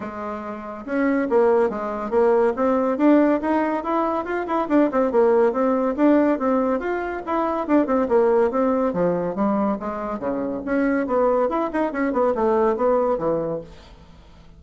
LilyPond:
\new Staff \with { instrumentName = "bassoon" } { \time 4/4 \tempo 4 = 141 gis2 cis'4 ais4 | gis4 ais4 c'4 d'4 | dis'4 e'4 f'8 e'8 d'8 c'8 | ais4 c'4 d'4 c'4 |
f'4 e'4 d'8 c'8 ais4 | c'4 f4 g4 gis4 | cis4 cis'4 b4 e'8 dis'8 | cis'8 b8 a4 b4 e4 | }